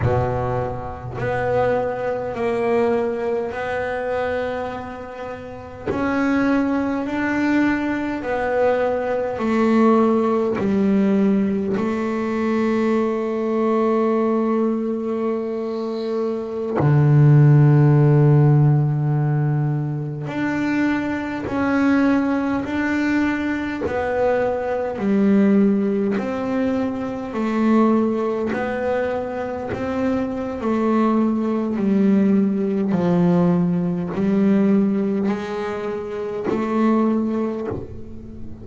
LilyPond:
\new Staff \with { instrumentName = "double bass" } { \time 4/4 \tempo 4 = 51 b,4 b4 ais4 b4~ | b4 cis'4 d'4 b4 | a4 g4 a2~ | a2~ a16 d4.~ d16~ |
d4~ d16 d'4 cis'4 d'8.~ | d'16 b4 g4 c'4 a8.~ | a16 b4 c'8. a4 g4 | f4 g4 gis4 a4 | }